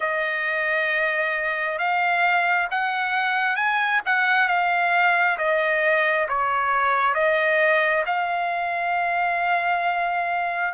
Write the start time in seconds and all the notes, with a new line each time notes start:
0.00 D#5
1.78 F5
2.70 F#5
3.56 G#5
4.05 F#5
4.48 F5
5.37 D#5
6.28 C#5
7.14 D#5
8.06 F5